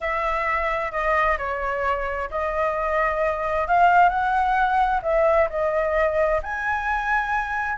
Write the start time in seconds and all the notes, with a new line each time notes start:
0.00 E5
0.91 D#5
1.38 C#5
2.30 D#5
3.67 F5
4.09 F#5
5.02 E5
5.49 D#5
6.42 G#5